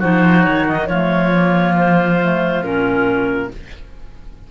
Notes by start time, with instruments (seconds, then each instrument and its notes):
0.00 cello F3, clarinet D#4 C5, oboe F#4
0.44 cello D#3, clarinet C#5
0.69 clarinet D#5
0.87 cello F3, clarinet A3 C#5, oboe F4
1.32 clarinet A#3
1.77 clarinet C5
2.21 clarinet A3
2.61 cello A#2, clarinet C#4 A#4